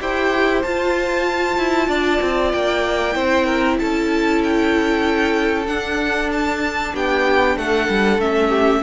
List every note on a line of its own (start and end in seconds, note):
0.00 0.63 E4
0.00 0.63 G4
0.00 1.88 C5
0.00 0.62 G5
0.62 1.57 F4
0.62 3.12 F4
0.62 2.51 A5
1.57 1.87 E4
1.87 2.19 D4
1.87 3.14 D5
2.21 2.53 C4
2.51 3.15 A#3
2.51 3.78 G5
3.12 3.78 C4
3.12 5.65 E4
3.12 3.45 C5
3.45 3.77 A#4
3.78 5.67 C#4
3.78 6.93 A4
3.78 4.42 A5
4.43 5.66 G5
5.66 6.93 D4
5.66 8.20 D4
5.66 6.30 F#5
6.31 6.95 A5
6.93 7.56 B3
6.93 7.56 G4
6.93 7.57 G5
7.56 7.88 A3
7.56 8.49 A4
7.56 8.20 F#5
7.88 8.18 G3
8.18 8.81 A3
8.18 8.83 C#4
8.18 8.83 E5
8.49 8.80 G4